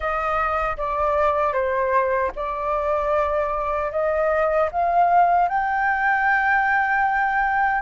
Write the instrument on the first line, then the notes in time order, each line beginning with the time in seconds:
flute
0.00 D#5
0.77 D5
1.53 C5
2.35 D5
3.91 D#5
4.71 F5
5.48 G5